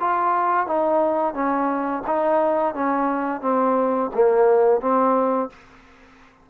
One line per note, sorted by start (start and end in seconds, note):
0.00 0.67 F4
0.67 1.34 D#4
1.34 2.03 C#4
2.07 2.75 D#4
2.75 3.41 C#4
3.41 4.10 C4
4.14 4.81 A#3
4.81 5.50 C4